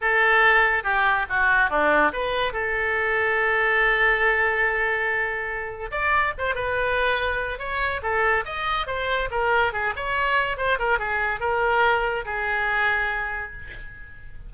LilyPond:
\new Staff \with { instrumentName = "oboe" } { \time 4/4 \tempo 4 = 142 a'2 g'4 fis'4 | d'4 b'4 a'2~ | a'1~ | a'2 d''4 c''8 b'8~ |
b'2 cis''4 a'4 | dis''4 c''4 ais'4 gis'8 cis''8~ | cis''4 c''8 ais'8 gis'4 ais'4~ | ais'4 gis'2. | }